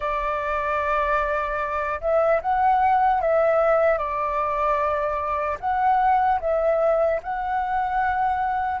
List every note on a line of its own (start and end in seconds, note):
0.00 2.00 D5
2.00 2.40 E5
2.41 3.21 F#5
3.21 3.98 E5
3.98 5.58 D5
5.60 6.40 F#5
6.40 7.20 E5
7.22 8.80 F#5